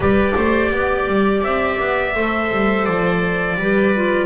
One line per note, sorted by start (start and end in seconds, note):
0.00 0.32 G3
0.00 2.13 G4
0.00 0.35 B4
0.00 1.43 D5
0.36 0.71 A3
0.36 0.71 C5
0.71 1.07 B3
0.71 2.14 D5
1.07 1.42 G3
1.42 1.78 C4
1.42 2.85 E5
1.79 2.14 B3
2.14 2.50 A3
2.14 3.57 A4
2.14 3.57 C5
2.51 2.87 G3
2.85 3.56 F3
2.85 4.26 D5
3.56 4.26 G3
3.56 3.94 G4
3.56 4.26 B4
3.94 4.26 F4